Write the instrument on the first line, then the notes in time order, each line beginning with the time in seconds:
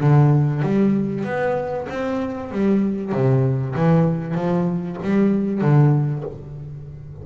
double bass
0.00 D3
0.62 G3
1.24 B3
1.89 C4
2.51 G3
3.12 C3
3.75 E3
4.34 F3
5.02 G3
5.61 D3